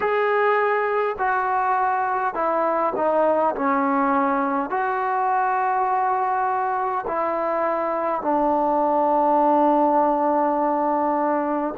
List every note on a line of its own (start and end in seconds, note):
0.00 1.16 G#4
1.18 2.34 F#4
2.34 2.93 E4
2.96 3.55 D#4
3.55 4.70 C#4
4.70 7.05 F#4
7.06 8.21 E4
8.21 11.74 D4